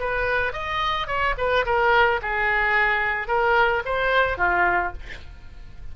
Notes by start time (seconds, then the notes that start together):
0.00 B4
0.53 D#5
1.08 C#5
1.38 B4
1.66 A#4
2.23 G#4
3.28 A#4
3.86 C5
4.38 F4